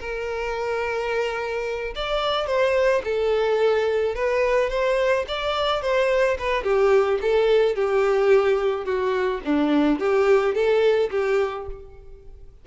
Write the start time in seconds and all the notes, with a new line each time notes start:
0.00 A#4
1.95 D5
2.47 C5
3.04 A4
4.15 B4
4.70 C5
5.28 D5
5.82 C5
6.39 B4
6.64 G4
7.22 A4
7.76 G4
8.85 F#4
9.45 D4
9.99 G4
10.55 A4
11.11 G4